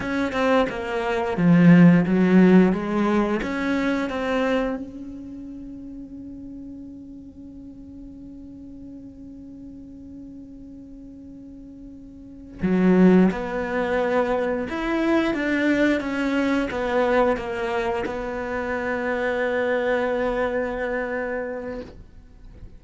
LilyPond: \new Staff \with { instrumentName = "cello" } { \time 4/4 \tempo 4 = 88 cis'8 c'8 ais4 f4 fis4 | gis4 cis'4 c'4 cis'4~ | cis'1~ | cis'1~ |
cis'2~ cis'8 fis4 b8~ | b4. e'4 d'4 cis'8~ | cis'8 b4 ais4 b4.~ | b1 | }